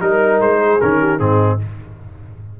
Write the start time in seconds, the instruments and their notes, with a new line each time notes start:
0.00 tuba G3, trombone D#4, trumpet A#4, horn A#4
0.40 tuba G#3, trumpet C5
0.60 horn G#4
0.81 tuba D#3, trombone C#4, trumpet A#4
0.99 horn G4
1.19 tuba G#2, trombone C4, horn D#4, trumpet G#4